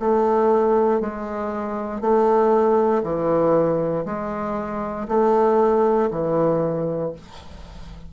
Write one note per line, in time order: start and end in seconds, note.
0.00 1.01 A3
1.01 2.01 G#3
2.01 3.03 A3
3.04 4.05 E3
4.06 5.08 G#3
5.08 6.10 A3
6.11 7.13 E3